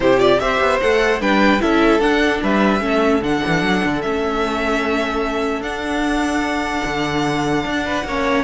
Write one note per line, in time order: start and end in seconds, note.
0.00 0.40 C3
0.00 0.18 E4
0.00 0.41 G4
0.00 0.19 C5
0.18 0.38 F4
0.18 0.39 D5
0.39 0.60 C4
0.39 0.81 G4
0.39 1.21 C5
0.39 0.79 E5
0.60 0.80 B3
0.80 1.20 A3
0.80 1.21 A4
0.80 1.20 F#5
1.20 1.60 G3
1.20 1.59 D4
1.20 1.61 B4
1.20 1.61 G5
1.59 1.99 C#4
1.59 1.99 E4
1.59 2.42 A4
1.59 2.00 E5
1.99 2.39 D4
1.99 2.80 D4
1.99 2.40 F#5
2.42 2.81 G3
2.42 2.82 B4
2.42 3.23 E5
2.80 3.21 A3
2.80 3.20 C#4
2.80 7.85 A4
3.21 3.41 D3
3.21 4.02 D4
3.21 4.01 F#5
3.46 3.61 E3
3.61 3.81 F#3
3.84 4.04 D3
4.01 5.60 A3
4.01 5.62 C#4
4.01 5.62 E5
5.60 6.81 D4
5.60 8.04 D4
5.60 8.44 F#5
6.85 7.64 D3
7.64 8.04 D4
7.85 8.05 B4
8.04 8.44 A#3
8.04 8.44 C#4
8.04 8.44 C#5